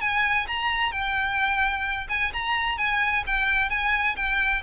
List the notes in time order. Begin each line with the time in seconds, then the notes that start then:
0.00 G#5
0.47 A#5
0.91 G5
2.09 G#5
2.33 A#5
2.78 G#5
3.26 G5
3.69 G#5
4.16 G5